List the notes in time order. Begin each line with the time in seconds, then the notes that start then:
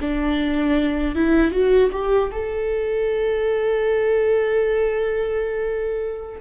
0.00 D4
1.15 E4
1.51 F#4
1.92 G4
2.31 A4